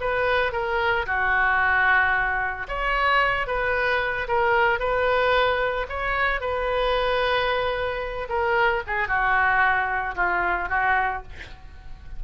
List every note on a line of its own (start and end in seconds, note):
0.00 0.52 B4
0.52 1.05 A#4
1.06 2.67 F#4
2.68 3.47 C#5
3.47 4.27 B4
4.28 4.79 A#4
4.79 5.86 B4
5.89 6.41 C#5
6.41 8.28 B4
8.29 8.82 A#4
8.87 9.08 G#4
9.08 10.15 F#4
10.15 10.69 F4
10.69 11.22 F#4